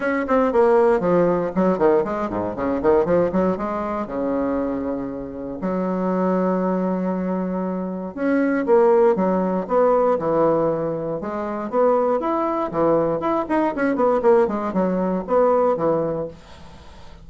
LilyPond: \new Staff \with { instrumentName = "bassoon" } { \time 4/4 \tempo 4 = 118 cis'8 c'8 ais4 f4 fis8 dis8 | gis8 gis,8 cis8 dis8 f8 fis8 gis4 | cis2. fis4~ | fis1 |
cis'4 ais4 fis4 b4 | e2 gis4 b4 | e'4 e4 e'8 dis'8 cis'8 b8 | ais8 gis8 fis4 b4 e4 | }